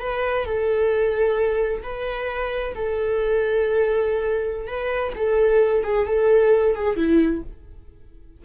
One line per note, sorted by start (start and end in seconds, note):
0.00 0.45 B4
0.45 1.83 A4
1.83 2.75 B4
2.75 4.68 A4
4.68 5.13 B4
5.16 5.84 A4
5.84 6.07 G#4
6.07 6.75 A4
6.76 6.97 G#4
6.97 7.42 E4